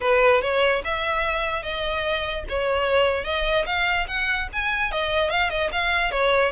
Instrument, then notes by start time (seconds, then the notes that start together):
violin
0.01 B4
0.41 C#5
0.84 E5
1.63 D#5
2.48 C#5
3.24 D#5
3.65 F5
4.07 F#5
4.52 G#5
4.91 D#5
5.29 F5
5.50 D#5
5.72 F5
6.11 C#5